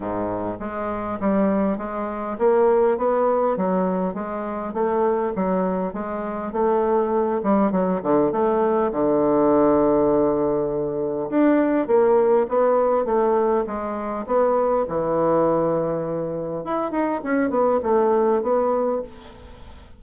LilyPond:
\new Staff \with { instrumentName = "bassoon" } { \time 4/4 \tempo 4 = 101 gis,4 gis4 g4 gis4 | ais4 b4 fis4 gis4 | a4 fis4 gis4 a4~ | a8 g8 fis8 d8 a4 d4~ |
d2. d'4 | ais4 b4 a4 gis4 | b4 e2. | e'8 dis'8 cis'8 b8 a4 b4 | }